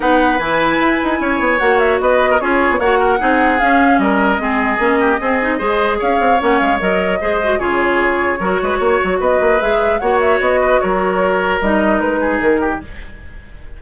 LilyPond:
<<
  \new Staff \with { instrumentName = "flute" } { \time 4/4 \tempo 4 = 150 fis''4 gis''2. | fis''8 e''8 dis''4 cis''4 fis''4~ | fis''4 f''4 dis''2~ | dis''2. f''4 |
fis''8 f''8 dis''2 cis''4~ | cis''2. dis''4 | e''4 fis''8 e''8 dis''4 cis''4~ | cis''4 dis''4 b'4 ais'4 | }
  \new Staff \with { instrumentName = "oboe" } { \time 4/4 b'2. cis''4~ | cis''4 b'8. ais'16 gis'4 cis''8 ais'8 | gis'2 ais'4 gis'4~ | gis'8 g'8 gis'4 c''4 cis''4~ |
cis''2 c''4 gis'4~ | gis'4 ais'8 b'8 cis''4 b'4~ | b'4 cis''4. b'8 ais'4~ | ais'2~ ais'8 gis'4 g'8 | }
  \new Staff \with { instrumentName = "clarinet" } { \time 4/4 dis'4 e'2. | fis'2 f'4 fis'4 | dis'4 cis'2 c'4 | cis'4 c'8 dis'8 gis'2 |
cis'4 ais'4 gis'8 fis'8 f'4~ | f'4 fis'2. | gis'4 fis'2.~ | fis'4 dis'2. | }
  \new Staff \with { instrumentName = "bassoon" } { \time 4/4 b4 e4 e'8 dis'8 cis'8 b8 | ais4 b4 cis'8. b16 ais4 | c'4 cis'4 g4 gis4 | ais4 c'4 gis4 cis'8 c'8 |
ais8 gis8 fis4 gis4 cis4~ | cis4 fis8 gis8 ais8 fis8 b8 ais8 | gis4 ais4 b4 fis4~ | fis4 g4 gis4 dis4 | }
>>